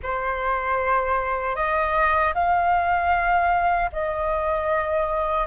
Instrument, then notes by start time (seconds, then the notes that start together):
flute
0.02 C5
1.55 D#5
2.34 F5
3.92 D#5